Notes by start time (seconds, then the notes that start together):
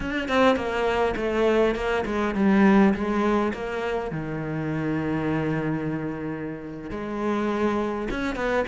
0.00 D4
0.28 C4
0.56 A#3
1.16 A3
1.75 A#3
2.05 G#3
2.34 G3
2.94 G#3
3.53 A#3
4.11 D#3
6.90 G#3
8.10 C#4
8.35 B3